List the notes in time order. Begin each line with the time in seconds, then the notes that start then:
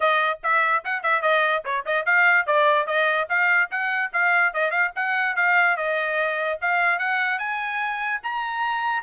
0.00 D#5
0.43 E5
0.84 F#5
1.02 E5
1.22 D#5
1.64 C#5
1.85 D#5
2.05 F5
2.46 D5
2.87 D#5
3.29 F5
3.70 F#5
4.12 F5
4.53 D#5
4.70 F5
4.95 F#5
5.36 F5
5.76 D#5
6.61 F5
6.98 F#5
7.38 G#5
8.23 A#5